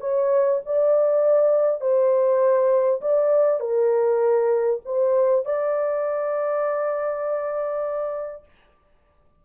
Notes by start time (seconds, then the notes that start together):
0.00 C#5
0.65 D5
1.81 C5
3.01 D5
3.60 A#4
4.85 C5
5.45 D5